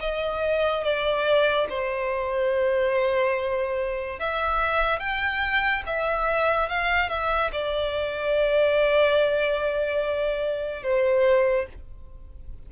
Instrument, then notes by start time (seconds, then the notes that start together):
violin
0.00 D#5
0.83 D5
1.69 C5
4.19 E5
4.99 G5
5.86 E5
6.69 F5
7.09 E5
7.52 D5
10.83 C5